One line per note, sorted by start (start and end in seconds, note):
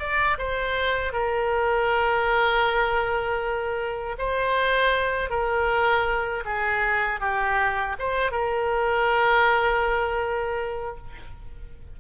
0.00 0.38 D5
0.39 1.13 C5
1.13 4.17 A#4
4.19 5.31 C5
5.31 6.45 A#4
6.46 7.21 G#4
7.21 7.97 G4
8.00 8.32 C5
8.32 10.97 A#4